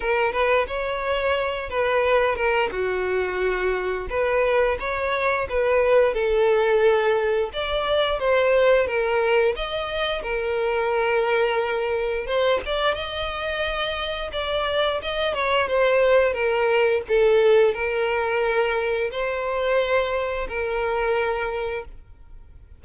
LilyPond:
\new Staff \with { instrumentName = "violin" } { \time 4/4 \tempo 4 = 88 ais'8 b'8 cis''4. b'4 ais'8 | fis'2 b'4 cis''4 | b'4 a'2 d''4 | c''4 ais'4 dis''4 ais'4~ |
ais'2 c''8 d''8 dis''4~ | dis''4 d''4 dis''8 cis''8 c''4 | ais'4 a'4 ais'2 | c''2 ais'2 | }